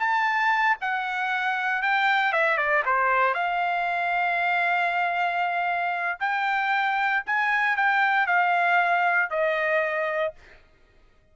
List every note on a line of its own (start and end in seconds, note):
0.00 0.78 A5
0.81 1.83 F#5
1.83 2.33 G5
2.33 2.58 E5
2.58 2.84 D5
2.86 3.34 C5
3.34 6.19 F5
6.20 7.24 G5
7.27 7.77 G#5
7.77 8.27 G5
8.27 9.31 F5
9.31 10.34 D#5